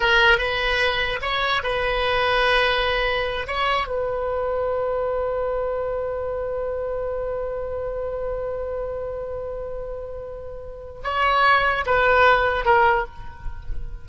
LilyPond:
\new Staff \with { instrumentName = "oboe" } { \time 4/4 \tempo 4 = 147 ais'4 b'2 cis''4 | b'1~ | b'8 cis''4 b'2~ b'8~ | b'1~ |
b'1~ | b'1~ | b'2. cis''4~ | cis''4 b'2 ais'4 | }